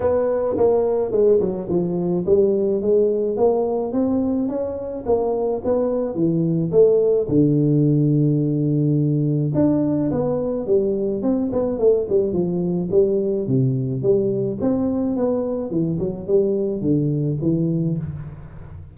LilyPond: \new Staff \with { instrumentName = "tuba" } { \time 4/4 \tempo 4 = 107 b4 ais4 gis8 fis8 f4 | g4 gis4 ais4 c'4 | cis'4 ais4 b4 e4 | a4 d2.~ |
d4 d'4 b4 g4 | c'8 b8 a8 g8 f4 g4 | c4 g4 c'4 b4 | e8 fis8 g4 d4 e4 | }